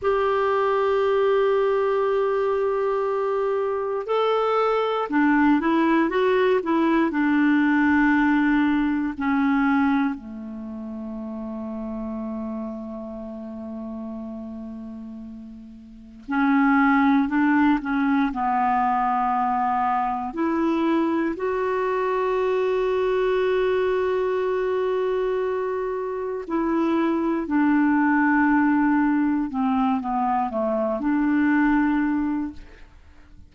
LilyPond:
\new Staff \with { instrumentName = "clarinet" } { \time 4/4 \tempo 4 = 59 g'1 | a'4 d'8 e'8 fis'8 e'8 d'4~ | d'4 cis'4 a2~ | a1 |
cis'4 d'8 cis'8 b2 | e'4 fis'2.~ | fis'2 e'4 d'4~ | d'4 c'8 b8 a8 d'4. | }